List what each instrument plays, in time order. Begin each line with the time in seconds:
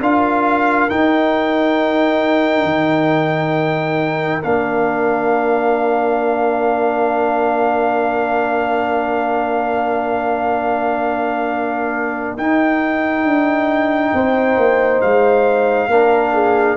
0.00 tuba D4, trombone F4, horn A#4, trumpet F5
0.89 trombone D#4, tuba D#4, trumpet G5
2.63 tuba D#3
4.43 tuba A#3, trombone D4, trumpet F5
12.37 tuba D#4, trombone D#4, trumpet G5
13.24 tuba D4
14.13 tuba C4, horn C5
14.56 tuba A#3
15.01 tuba G#3, trumpet F5
15.87 tuba A#3, trombone D4, horn A#4
16.33 horn G#4